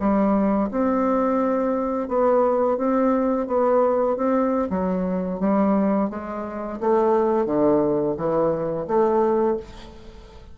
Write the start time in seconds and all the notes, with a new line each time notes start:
0.00 G3
0.71 C4
2.08 B3
2.77 C4
3.47 B3
4.17 C4
4.70 F#3
5.40 G3
6.10 G#3
6.80 A3
7.46 D3
8.17 E3
8.87 A3